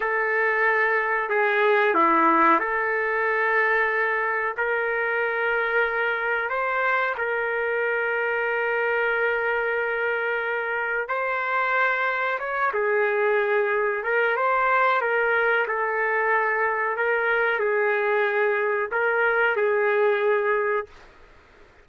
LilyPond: \new Staff \with { instrumentName = "trumpet" } { \time 4/4 \tempo 4 = 92 a'2 gis'4 e'4 | a'2. ais'4~ | ais'2 c''4 ais'4~ | ais'1~ |
ais'4 c''2 cis''8 gis'8~ | gis'4. ais'8 c''4 ais'4 | a'2 ais'4 gis'4~ | gis'4 ais'4 gis'2 | }